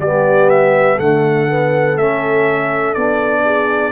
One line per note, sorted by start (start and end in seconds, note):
0.00 0.98 G3
0.00 0.99 B3
0.00 0.96 G4
0.00 0.50 D5
0.50 0.99 E5
0.96 1.97 D3
0.96 1.48 A3
0.96 3.42 A4
0.96 1.97 F#5
1.48 1.97 B3
1.97 2.95 A3
1.97 2.96 C#4
1.97 2.94 E5
2.94 3.92 B3
2.94 3.92 D4
2.94 3.92 D5
3.44 3.92 G#4